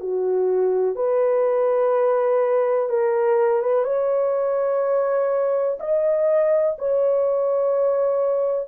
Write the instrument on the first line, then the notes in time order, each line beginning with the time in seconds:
horn
0.00 F#4
0.95 B4
2.89 A#4
3.62 B4
3.84 C#5
5.79 D#5
6.78 C#5